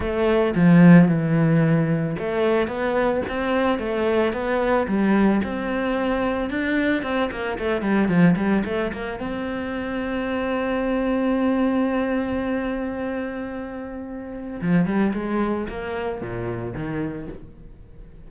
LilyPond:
\new Staff \with { instrumentName = "cello" } { \time 4/4 \tempo 4 = 111 a4 f4 e2 | a4 b4 c'4 a4 | b4 g4 c'2 | d'4 c'8 ais8 a8 g8 f8 g8 |
a8 ais8 c'2.~ | c'1~ | c'2. f8 g8 | gis4 ais4 ais,4 dis4 | }